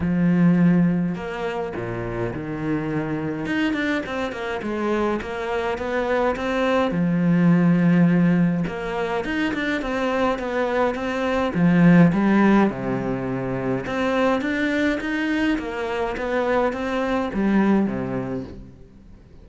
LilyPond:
\new Staff \with { instrumentName = "cello" } { \time 4/4 \tempo 4 = 104 f2 ais4 ais,4 | dis2 dis'8 d'8 c'8 ais8 | gis4 ais4 b4 c'4 | f2. ais4 |
dis'8 d'8 c'4 b4 c'4 | f4 g4 c2 | c'4 d'4 dis'4 ais4 | b4 c'4 g4 c4 | }